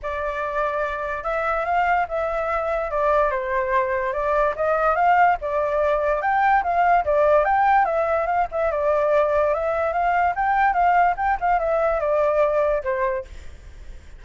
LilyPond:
\new Staff \with { instrumentName = "flute" } { \time 4/4 \tempo 4 = 145 d''2. e''4 | f''4 e''2 d''4 | c''2 d''4 dis''4 | f''4 d''2 g''4 |
f''4 d''4 g''4 e''4 | f''8 e''8 d''2 e''4 | f''4 g''4 f''4 g''8 f''8 | e''4 d''2 c''4 | }